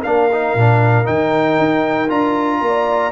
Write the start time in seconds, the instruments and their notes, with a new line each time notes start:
0.00 tuba A#3, trombone D4, horn A#4, trumpet F5
0.32 trombone D#4
0.55 tuba A#2, trombone D4
1.04 tuba D#3, trombone D#4, trumpet G5
1.58 tuba D#4
2.08 tuba D4, trombone F4, trumpet A#5
2.61 tuba A#3, horn D5